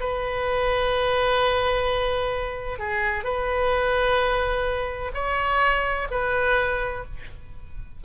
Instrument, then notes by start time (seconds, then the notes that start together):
oboe
0.00 B4
2.79 G#4
3.24 B4
5.14 C#5
6.11 B4